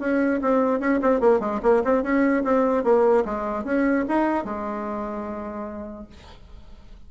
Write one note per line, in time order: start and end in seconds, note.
0.00 0.41 C#4
0.42 0.80 C4
0.80 1.00 C#4
1.02 1.20 C4
1.20 1.40 A#3
1.40 1.60 G#3
1.63 1.83 A#3
1.84 2.03 C4
2.03 2.44 C#4
2.44 2.84 C4
2.84 3.24 A#3
3.25 3.64 G#3
3.64 4.05 C#4
4.09 4.45 D#4
4.45 6.07 G#3